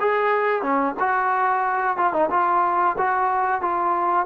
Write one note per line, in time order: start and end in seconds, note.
0.00 0.62 G#4
0.62 0.95 C#4
0.99 1.96 F#4
1.96 2.12 F4
2.12 2.29 D#4
2.30 2.96 F4
2.97 3.61 F#4
3.61 4.26 F4